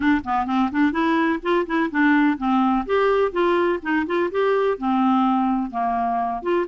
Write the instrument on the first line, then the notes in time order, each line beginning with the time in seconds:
clarinet
0.00 D4
0.24 B3
0.46 C4
0.71 D4
0.92 E4
1.42 F4
1.66 E4
1.90 D4
2.37 C4
2.85 G4
3.32 F4
3.82 D#4
4.06 F4
4.31 G4
4.78 C4
5.71 A#3
6.42 F4